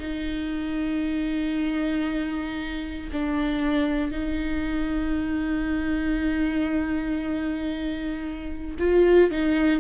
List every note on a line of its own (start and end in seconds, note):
0.00 3.10 D#4
3.13 4.11 D4
4.11 8.77 D#4
8.79 9.31 F4
9.31 9.80 D#4